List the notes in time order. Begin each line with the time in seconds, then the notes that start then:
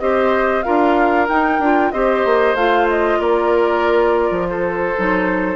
0.00 C4 G4 C5 D#5
0.63 D4 F4 A#4 F5
1.29 D#4 G5
1.59 D4 F4
1.92 C4 G4 C5 D#5
2.26 A#3
2.55 A3 F4 F5
2.89 D#5
3.19 A#3 A#4 D5
4.31 F3
4.49 A4 C5
4.98 F#3 D#4